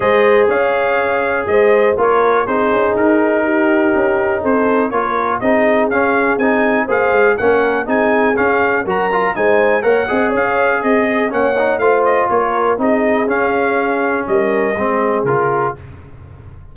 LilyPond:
<<
  \new Staff \with { instrumentName = "trumpet" } { \time 4/4 \tempo 4 = 122 dis''4 f''2 dis''4 | cis''4 c''4 ais'2~ | ais'4 c''4 cis''4 dis''4 | f''4 gis''4 f''4 fis''4 |
gis''4 f''4 ais''4 gis''4 | fis''4 f''4 dis''4 fis''4 | f''8 dis''8 cis''4 dis''4 f''4~ | f''4 dis''2 ais'4 | }
  \new Staff \with { instrumentName = "horn" } { \time 4/4 c''4 cis''2 c''4 | ais'4 gis'2 g'4~ | g'4 a'4 ais'4 gis'4~ | gis'2 c''4 ais'4 |
gis'2 ais'4 c''4 | cis''8 dis''8 cis''4 gis'4 cis''4 | c''4 ais'4 gis'2~ | gis'4 ais'4 gis'2 | }
  \new Staff \with { instrumentName = "trombone" } { \time 4/4 gis'1 | f'4 dis'2.~ | dis'2 f'4 dis'4 | cis'4 dis'4 gis'4 cis'4 |
dis'4 cis'4 fis'8 f'8 dis'4 | ais'8 gis'2~ gis'8 cis'8 dis'8 | f'2 dis'4 cis'4~ | cis'2 c'4 f'4 | }
  \new Staff \with { instrumentName = "tuba" } { \time 4/4 gis4 cis'2 gis4 | ais4 c'8 cis'8 dis'2 | cis'4 c'4 ais4 c'4 | cis'4 c'4 ais8 gis8 ais4 |
c'4 cis'4 fis4 gis4 | ais8 c'8 cis'4 c'4 ais4 | a4 ais4 c'4 cis'4~ | cis'4 g4 gis4 cis4 | }
>>